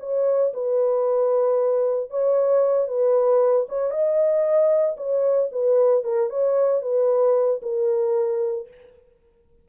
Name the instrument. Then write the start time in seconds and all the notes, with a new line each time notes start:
horn
0.00 C#5
0.53 B4
2.10 C#5
2.88 B4
3.69 C#5
3.91 D#5
4.97 C#5
5.52 B4
6.04 A#4
6.30 C#5
6.82 B4
7.62 A#4